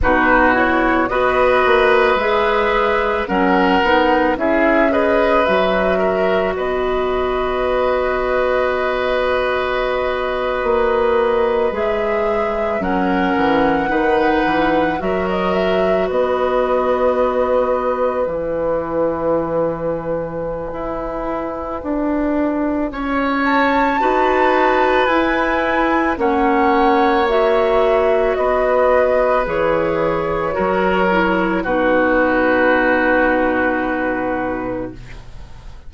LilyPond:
<<
  \new Staff \with { instrumentName = "flute" } { \time 4/4 \tempo 4 = 55 b'8 cis''8 dis''4 e''4 fis''4 | e''8 dis''8 e''4 dis''2~ | dis''2~ dis''8. e''4 fis''16~ | fis''4.~ fis''16 e''16 dis''16 e''8 dis''4~ dis''16~ |
dis''8. gis''2.~ gis''16~ | gis''4. a''4. gis''4 | fis''4 e''4 dis''4 cis''4~ | cis''4 b'2. | }
  \new Staff \with { instrumentName = "oboe" } { \time 4/4 fis'4 b'2 ais'4 | gis'8 b'4 ais'8 b'2~ | b'2.~ b'8. ais'16~ | ais'8. b'4 ais'4 b'4~ b'16~ |
b'1~ | b'4 cis''4 b'2 | cis''2 b'2 | ais'4 fis'2. | }
  \new Staff \with { instrumentName = "clarinet" } { \time 4/4 dis'8 e'8 fis'4 gis'4 cis'8 dis'8 | e'8 gis'8 fis'2.~ | fis'2~ fis'8. gis'4 cis'16~ | cis'8. dis'4 fis'2~ fis'16~ |
fis'8. e'2.~ e'16~ | e'2 fis'4 e'4 | cis'4 fis'2 gis'4 | fis'8 e'8 dis'2. | }
  \new Staff \with { instrumentName = "bassoon" } { \time 4/4 b,4 b8 ais8 gis4 fis8 b8 | cis'4 fis4 b2~ | b4.~ b16 ais4 gis4 fis16~ | fis16 e8 dis8 e8 fis4 b4~ b16~ |
b8. e2~ e16 e'4 | d'4 cis'4 dis'4 e'4 | ais2 b4 e4 | fis4 b,2. | }
>>